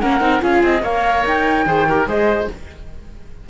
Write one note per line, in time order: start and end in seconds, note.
0.00 0.21 A#3
0.00 0.20 C#4
0.00 0.43 A#4
0.00 0.41 F#5
0.20 0.41 C4
0.20 0.41 D#4
0.41 0.63 C#4
0.41 0.82 F4
0.41 0.83 G#4
0.41 0.63 F5
0.63 0.82 C4
0.63 0.84 D#5
0.82 1.24 A#3
0.82 1.67 A#4
0.82 1.65 C#5
0.82 1.26 F5
1.25 1.66 D#4
1.25 2.08 G5
1.66 2.06 D#3
1.66 1.87 G#4
1.66 1.87 C5
1.88 2.07 G4
1.88 2.08 A#4
2.06 2.47 G#3
2.06 2.49 G#4
2.06 2.50 C5
2.06 2.50 D#5